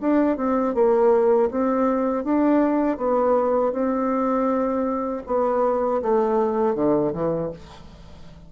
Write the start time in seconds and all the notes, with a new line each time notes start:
0.00 D4
0.36 C4
0.74 A#3
1.50 C4
2.24 D4
2.97 B3
3.72 C4
5.26 B3
6.02 A3
6.74 D3
7.12 E3